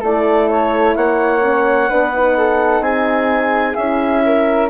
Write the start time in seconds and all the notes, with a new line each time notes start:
0.00 A3 E4 A4 D5
0.49 C#5
0.95 A#3 C#5 F#5
1.41 C#4
1.88 B3 D4 B4
2.14 D#4
2.37 A4
2.80 C4 G#4 G#5
3.74 C#4 E4 E5
4.25 A#4